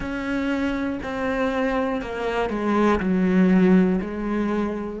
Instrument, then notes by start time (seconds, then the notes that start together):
cello
0.00 C#4
1.03 C4
2.01 A#3
2.50 G#3
3.00 F#3
4.01 G#3